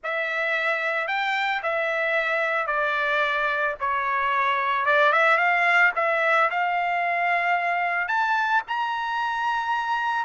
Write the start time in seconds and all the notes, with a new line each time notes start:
0.03 E5
1.07 G5
1.62 E5
2.67 D5
3.80 C#5
4.85 D5
5.12 E5
5.37 F5
5.95 E5
6.50 F5
8.08 A5
8.67 A#5